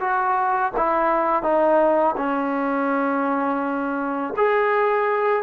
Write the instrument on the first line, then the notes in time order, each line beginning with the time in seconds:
trombone
0.00 F#4
0.77 E4
1.43 D#4
2.17 C#4
4.37 G#4